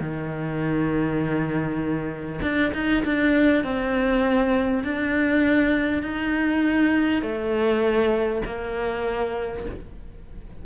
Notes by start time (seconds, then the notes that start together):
0.00 D#3
2.42 D4
2.74 D#4
3.04 D4
3.63 C4
4.84 D4
6.03 D#4
7.22 A3
8.45 A#3